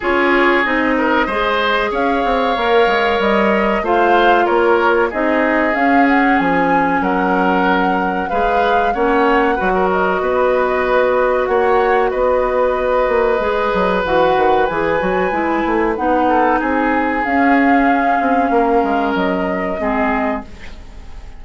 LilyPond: <<
  \new Staff \with { instrumentName = "flute" } { \time 4/4 \tempo 4 = 94 cis''4 dis''2 f''4~ | f''4 dis''4 f''4 cis''4 | dis''4 f''8 fis''8 gis''4 fis''4~ | fis''4 f''4 fis''4. dis''8~ |
dis''2 fis''4 dis''4~ | dis''2 fis''4 gis''4~ | gis''4 fis''4 gis''4 f''4~ | f''2 dis''2 | }
  \new Staff \with { instrumentName = "oboe" } { \time 4/4 gis'4. ais'8 c''4 cis''4~ | cis''2 c''4 ais'4 | gis'2. ais'4~ | ais'4 b'4 cis''4 b'16 ais'8. |
b'2 cis''4 b'4~ | b'1~ | b'4. a'8 gis'2~ | gis'4 ais'2 gis'4 | }
  \new Staff \with { instrumentName = "clarinet" } { \time 4/4 f'4 dis'4 gis'2 | ais'2 f'2 | dis'4 cis'2.~ | cis'4 gis'4 cis'4 fis'4~ |
fis'1~ | fis'4 gis'4 fis'4 gis'8 fis'8 | e'4 dis'2 cis'4~ | cis'2. c'4 | }
  \new Staff \with { instrumentName = "bassoon" } { \time 4/4 cis'4 c'4 gis4 cis'8 c'8 | ais8 gis8 g4 a4 ais4 | c'4 cis'4 f4 fis4~ | fis4 gis4 ais4 fis4 |
b2 ais4 b4~ | b8 ais8 gis8 fis8 e8 dis8 e8 fis8 | gis8 a8 b4 c'4 cis'4~ | cis'8 c'8 ais8 gis8 fis4 gis4 | }
>>